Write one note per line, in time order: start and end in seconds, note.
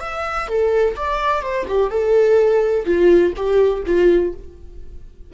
0.00 0.48 E5
0.48 0.95 A4
0.96 1.41 D5
1.41 1.65 C5
1.67 1.90 G4
1.90 2.85 A4
2.85 3.32 F4
3.36 3.83 G4
3.85 4.33 F4